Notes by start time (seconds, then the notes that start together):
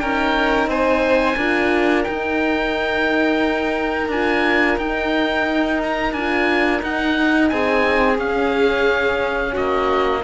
0.00 C#4 D#4 A#4 G5
0.67 C4 C5 G#5
1.37 D4 F4 A#4
2.04 D#4 G5
4.09 D4 F4 G#5
4.78 D#4 G5
5.83 A#5
6.13 D4 F4 G#5
6.80 D#4 F#5
7.50 C4 G#4 G#5
8.19 C#4 F5
9.53 A#3 F#4 D#5